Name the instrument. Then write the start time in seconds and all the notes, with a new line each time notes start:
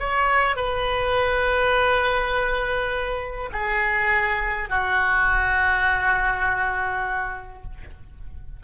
oboe
0.00 C#5
0.56 B4
3.53 G#4
4.69 F#4